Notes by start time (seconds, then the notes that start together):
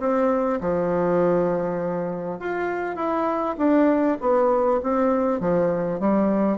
0.00 C4
0.61 F3
2.40 F4
2.96 E4
3.58 D4
4.21 B3
4.83 C4
5.41 F3
6.00 G3